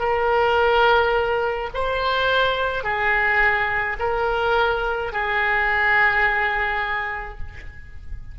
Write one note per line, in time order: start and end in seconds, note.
0.00 1.70 A#4
1.74 2.84 C5
2.84 3.97 G#4
4.00 5.13 A#4
5.13 7.39 G#4